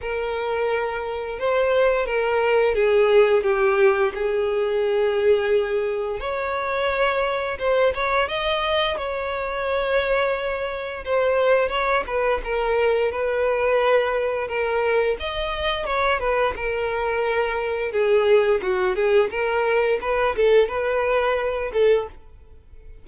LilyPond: \new Staff \with { instrumentName = "violin" } { \time 4/4 \tempo 4 = 87 ais'2 c''4 ais'4 | gis'4 g'4 gis'2~ | gis'4 cis''2 c''8 cis''8 | dis''4 cis''2. |
c''4 cis''8 b'8 ais'4 b'4~ | b'4 ais'4 dis''4 cis''8 b'8 | ais'2 gis'4 fis'8 gis'8 | ais'4 b'8 a'8 b'4. a'8 | }